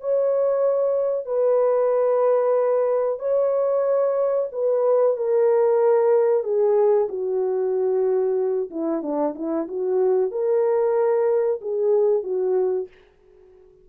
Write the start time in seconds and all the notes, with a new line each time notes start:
0.00 C#5
1.26 B4
3.19 C#5
4.52 B4
5.16 A#4
6.43 G#4
7.08 F#4
8.70 E4
9.02 D4
9.35 E4
9.68 F#4
10.31 A#4
11.61 G#4
12.23 F#4